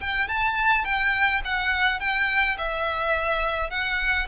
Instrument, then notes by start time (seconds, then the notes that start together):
violin
0.00 G5
0.28 A5
0.84 G5
1.44 F#5
1.99 G5
2.57 E5
3.70 F#5